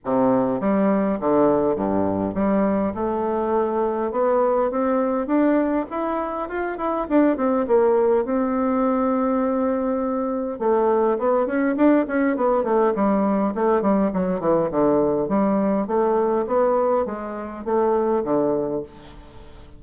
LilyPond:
\new Staff \with { instrumentName = "bassoon" } { \time 4/4 \tempo 4 = 102 c4 g4 d4 g,4 | g4 a2 b4 | c'4 d'4 e'4 f'8 e'8 | d'8 c'8 ais4 c'2~ |
c'2 a4 b8 cis'8 | d'8 cis'8 b8 a8 g4 a8 g8 | fis8 e8 d4 g4 a4 | b4 gis4 a4 d4 | }